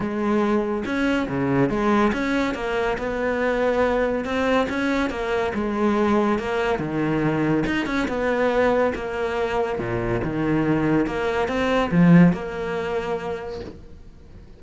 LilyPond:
\new Staff \with { instrumentName = "cello" } { \time 4/4 \tempo 4 = 141 gis2 cis'4 cis4 | gis4 cis'4 ais4 b4~ | b2 c'4 cis'4 | ais4 gis2 ais4 |
dis2 dis'8 cis'8 b4~ | b4 ais2 ais,4 | dis2 ais4 c'4 | f4 ais2. | }